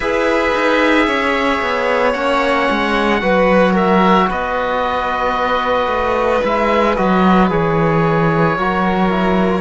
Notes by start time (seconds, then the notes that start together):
0.00 E4 G#4 B4 E5
0.54 D#4
1.06 C#4 C#5
1.61 B3
2.12 A#3 C#4 F#5
2.70 G#3
3.20 F#3 F#4 B4
3.73 A#4 E5
4.29 B3 B4 D#5
5.86 A3
6.42 G#3 E4 E5
6.96 F#3 F#4 D#5
7.49 E3 G#4 C#5
8.56 F#3 F#4 A#4
9.09 E4